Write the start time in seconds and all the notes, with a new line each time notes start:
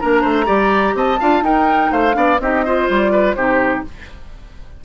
0.00 A#3 D4 A#4 A#5
0.21 A3 C5
0.45 G3 G4 D5
0.94 C4 D#5 A5
1.20 D4 F4 F5
1.42 D#4 A#4 G5
1.91 A3 C5 F5
2.12 B3 D4 D5
2.40 C4 D#4 G4 D#5
2.65 F4 C5
2.89 G3 D5
3.11 B4
3.34 C3 D#4 G4 C5